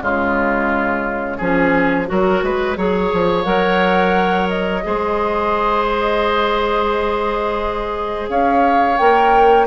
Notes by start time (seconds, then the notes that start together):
0.00 C#3 G#3 F4 C#5
1.37 F3 C#4 G#4
2.06 F#3 F#4 A#4
2.42 G#3 B4
2.77 F#3 G#4 C#5
3.12 F3
3.44 F#3 A#4 F#5
4.48 D#5
4.83 G#3 G#4 C5
8.28 C#4 C#5 F5
8.97 A#3 A#4 G5